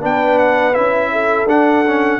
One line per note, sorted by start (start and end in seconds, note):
0.00 0.77 B3
0.00 0.73 D4
0.00 1.10 B4
0.00 0.38 G5
0.38 0.74 F#5
0.73 1.46 C#4
0.73 1.47 E4
0.73 1.47 E5
1.12 2.20 A4
1.46 2.19 D4
1.46 1.85 D4
1.46 2.20 F#5
1.86 2.20 C#4